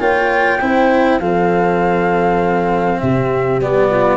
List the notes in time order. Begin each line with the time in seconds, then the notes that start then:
0.00 A#3 F4 C#5 G5
0.61 C4 E4 C5
1.20 F3 C4 A4 F5
3.00 C3 G4 E5
3.61 G3 B3 D5
3.91 F4